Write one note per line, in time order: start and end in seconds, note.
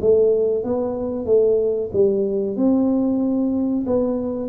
0.00 0.63 A3
0.63 1.25 B3
1.25 1.90 A3
1.92 2.56 G3
2.56 3.85 C4
3.86 4.48 B3